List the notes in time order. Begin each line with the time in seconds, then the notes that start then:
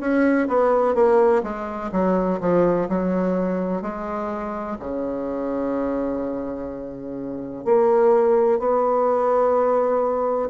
0.00 C#4
0.48 B3
0.95 A#3
1.43 G#3
1.92 F#3
2.40 F3
2.89 F#3
3.82 G#3
4.80 C#3
7.65 A#3
8.59 B3